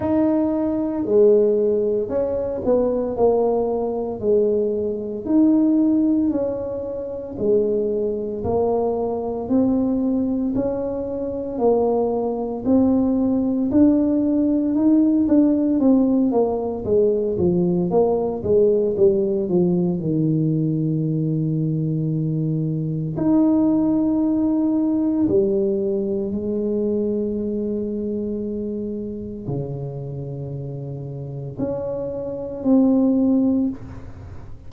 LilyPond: \new Staff \with { instrumentName = "tuba" } { \time 4/4 \tempo 4 = 57 dis'4 gis4 cis'8 b8 ais4 | gis4 dis'4 cis'4 gis4 | ais4 c'4 cis'4 ais4 | c'4 d'4 dis'8 d'8 c'8 ais8 |
gis8 f8 ais8 gis8 g8 f8 dis4~ | dis2 dis'2 | g4 gis2. | cis2 cis'4 c'4 | }